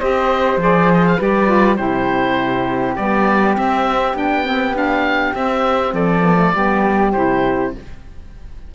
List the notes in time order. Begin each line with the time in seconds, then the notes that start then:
0.00 C4 G4 C5 D#5
0.57 F3 G#4 D5
0.94 D#5
1.06 F5
1.17 G3 G4 B4 D5
1.46 F4
1.76 C3 E4 G4 C5
2.96 G3 B3 D5
3.57 C4 E5
4.14 B3 D4 G5
4.45 C4
4.75 D4 F5
5.35 C4 E5
5.93 F3 A4 D5
6.22 B3
6.37 A3
6.54 G3 B3 G4
7.12 C3 E4 C5